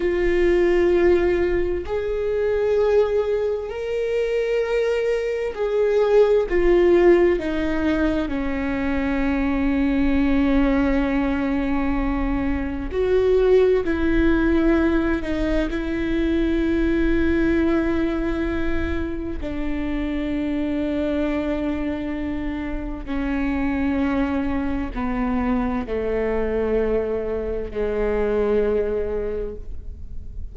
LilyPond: \new Staff \with { instrumentName = "viola" } { \time 4/4 \tempo 4 = 65 f'2 gis'2 | ais'2 gis'4 f'4 | dis'4 cis'2.~ | cis'2 fis'4 e'4~ |
e'8 dis'8 e'2.~ | e'4 d'2.~ | d'4 cis'2 b4 | a2 gis2 | }